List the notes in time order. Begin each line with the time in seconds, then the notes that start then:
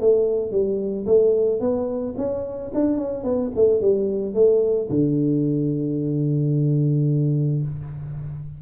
0.00 A3
0.51 G3
1.06 A3
1.60 B3
2.17 C#4
2.74 D4
2.98 C#4
3.24 B3
3.55 A3
3.81 G3
4.34 A3
4.90 D3